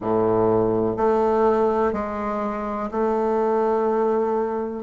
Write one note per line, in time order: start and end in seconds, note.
0.00 0.97 A2
0.97 1.93 A3
1.93 2.89 G#3
2.91 4.83 A3